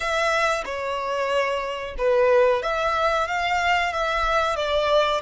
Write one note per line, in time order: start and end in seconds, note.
0.00 0.63 E5
0.65 1.95 C#5
1.98 2.62 B4
2.62 3.27 E5
3.27 3.92 F5
3.92 4.56 E5
4.56 5.21 D5